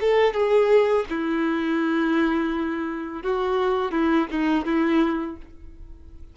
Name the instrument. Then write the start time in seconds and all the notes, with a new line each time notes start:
violin
0.00 A4
0.33 G#4
1.09 E4
3.22 F#4
3.91 E4
4.30 D#4
4.65 E4